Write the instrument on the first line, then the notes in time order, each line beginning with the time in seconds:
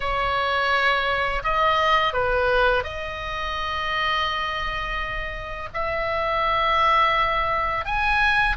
oboe
0.00 C#5
1.43 D#5
2.13 B4
2.83 D#5
5.73 E5
7.85 G#5